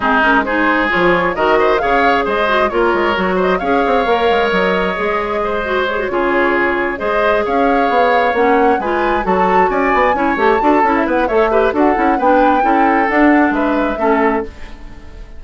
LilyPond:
<<
  \new Staff \with { instrumentName = "flute" } { \time 4/4 \tempo 4 = 133 gis'8 ais'8 c''4 cis''4 dis''4 | f''4 dis''4 cis''4. dis''8 | f''2 dis''2~ | dis''4 cis''2~ cis''8 dis''8~ |
dis''8 f''2 fis''4 gis''8~ | gis''8 a''4 gis''4. a''4~ | a''16 e''16 fis''8 e''4 fis''4 g''4~ | g''4 fis''4 e''2 | }
  \new Staff \with { instrumentName = "oboe" } { \time 4/4 dis'4 gis'2 ais'8 c''8 | cis''4 c''4 ais'4. c''8 | cis''1 | c''4. gis'2 c''8~ |
c''8 cis''2. b'8~ | b'8 a'4 d''4 cis''4 a'8~ | a'8 b'8 cis''8 b'8 a'4 b'4 | a'2 b'4 a'4 | }
  \new Staff \with { instrumentName = "clarinet" } { \time 4/4 c'8 cis'8 dis'4 f'4 fis'4 | gis'4. fis'8 f'4 fis'4 | gis'4 ais'2 gis'4~ | gis'8 fis'8 gis'16 fis'16 f'2 gis'8~ |
gis'2~ gis'8 cis'4 f'8~ | f'8 fis'2 e'8 g'8 fis'8 | e'4 a'8 g'8 fis'8 e'8 d'4 | e'4 d'2 cis'4 | }
  \new Staff \with { instrumentName = "bassoon" } { \time 4/4 gis2 f4 dis4 | cis4 gis4 ais8 gis8 fis4 | cis'8 c'8 ais8 gis8 fis4 gis4~ | gis4. cis2 gis8~ |
gis8 cis'4 b4 ais4 gis8~ | gis8 fis4 cis'8 b8 cis'8 a8 d'8 | cis'8 b8 a4 d'8 cis'8 b4 | cis'4 d'4 gis4 a4 | }
>>